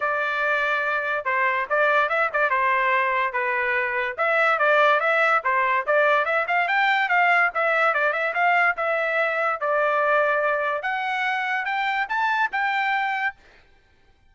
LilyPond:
\new Staff \with { instrumentName = "trumpet" } { \time 4/4 \tempo 4 = 144 d''2. c''4 | d''4 e''8 d''8 c''2 | b'2 e''4 d''4 | e''4 c''4 d''4 e''8 f''8 |
g''4 f''4 e''4 d''8 e''8 | f''4 e''2 d''4~ | d''2 fis''2 | g''4 a''4 g''2 | }